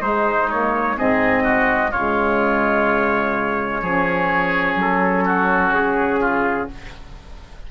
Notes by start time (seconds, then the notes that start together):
0.00 G#3 D#4 C5
0.50 A#3 C#5
0.96 G#2 C4 G#4 D#5
1.43 F#4
1.90 C#3 G#3 F4 C#5
3.81 F3 C#4 G#4
4.75 F#3 A4
5.24 F#4
5.71 C#3 G#4
6.20 F4